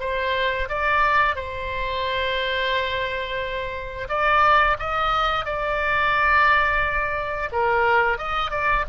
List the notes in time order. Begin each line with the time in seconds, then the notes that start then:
0.00 C5
0.68 D5
1.35 C5
4.08 D5
4.79 D#5
5.45 D5
7.52 A#4
8.18 D#5
8.51 D5